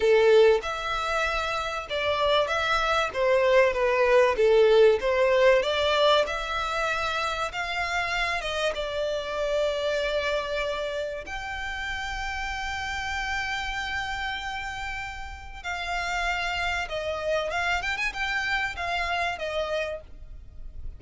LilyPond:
\new Staff \with { instrumentName = "violin" } { \time 4/4 \tempo 4 = 96 a'4 e''2 d''4 | e''4 c''4 b'4 a'4 | c''4 d''4 e''2 | f''4. dis''8 d''2~ |
d''2 g''2~ | g''1~ | g''4 f''2 dis''4 | f''8 g''16 gis''16 g''4 f''4 dis''4 | }